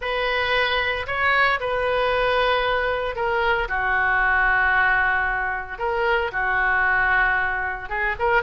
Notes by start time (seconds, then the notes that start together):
0.01 B4
1.06 C#5
1.60 B4
3.15 A#4
3.68 F#4
5.78 A#4
6.32 F#4
7.89 G#4
8.19 A#4